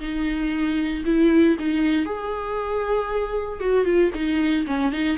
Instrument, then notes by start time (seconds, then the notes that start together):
viola
0.00 D#4
1.06 E4
1.59 D#4
2.05 G#4
3.60 F#4
3.85 F4
4.14 D#4
4.67 C#4
4.92 D#4